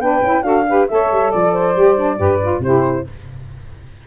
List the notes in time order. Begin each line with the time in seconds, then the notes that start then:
0.00 B3 D4 B4 G5
0.22 C#4 E4
0.43 D4 F#4 A4 F5
0.69 G4 B4
0.88 A3 A4 C#5 E5
1.12 G3
1.31 F3 D5
1.53 C5
1.76 G3 G4
1.97 D4
2.18 G2 G4 B4
2.42 F4
2.60 C3 E4 G4 C5